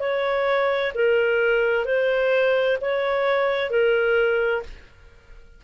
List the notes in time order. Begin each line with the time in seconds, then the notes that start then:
0.00 C#5
0.95 A#4
1.85 C5
2.81 C#5
3.70 A#4